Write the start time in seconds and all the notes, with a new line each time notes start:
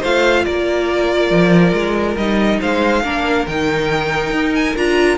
0.00 A3 F4 C5 F5
0.44 A#3 A#4 D5
1.30 F3
1.73 G#3
2.16 G3 D#4 D#5
2.60 G#3 C5 F5
3.04 A#3 D4 A#4
3.47 D#3 D#4 G5
4.30 D#4
4.54 G#5
4.76 D4 F4 A#5